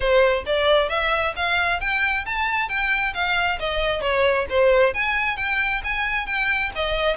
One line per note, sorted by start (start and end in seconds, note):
0.00 0.44 C5
0.45 0.89 D5
0.89 1.34 E5
1.36 1.80 F5
1.80 2.25 G5
2.25 2.68 A5
2.68 3.13 G5
3.13 3.58 F5
3.59 4.01 D#5
4.01 4.46 C#5
4.49 4.94 C5
4.94 5.36 G#5
5.36 5.81 G5
5.84 6.26 G#5
6.26 6.71 G5
6.75 7.16 D#5